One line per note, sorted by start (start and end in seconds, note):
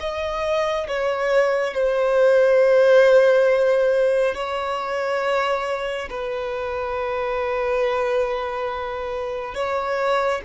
0.00 0.87 D#5
0.87 1.74 C#5
1.74 4.34 C5
4.34 6.08 C#5
6.09 9.54 B4
9.54 10.41 C#5